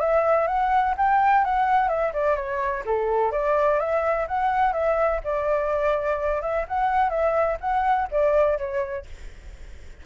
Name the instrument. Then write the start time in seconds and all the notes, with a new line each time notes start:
flute
0.00 E5
0.47 F#5
0.97 G5
1.45 F#5
1.88 E5
2.13 D5
2.36 C#5
2.85 A4
3.31 D5
3.79 E5
4.27 F#5
4.73 E5
5.24 D5
6.42 E5
6.68 F#5
7.10 E5
7.60 F#5
8.11 D5
8.58 C#5